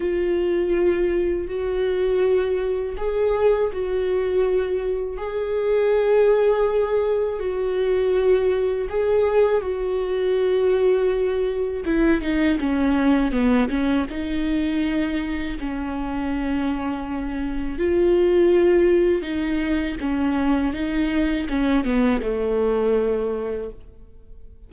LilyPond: \new Staff \with { instrumentName = "viola" } { \time 4/4 \tempo 4 = 81 f'2 fis'2 | gis'4 fis'2 gis'4~ | gis'2 fis'2 | gis'4 fis'2. |
e'8 dis'8 cis'4 b8 cis'8 dis'4~ | dis'4 cis'2. | f'2 dis'4 cis'4 | dis'4 cis'8 b8 a2 | }